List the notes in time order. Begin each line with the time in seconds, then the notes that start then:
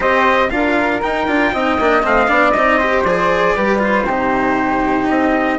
0.00 C4 G4 C5 D#5
0.50 D4 F4 A#4 F5
1.02 D#4 G5
1.27 D4 F4
1.52 C4 D#4 D#5
1.79 A#3 D4
2.02 A3 C4 F5
2.27 B3 D4 D5
2.51 C4 D#5
2.57 D#4
2.78 G4 C5
3.03 F3 G#4 D5
3.55 G3 G4 B4
3.78 F4 C5
4.05 C3 D#4 G4
5.09 C4 D#5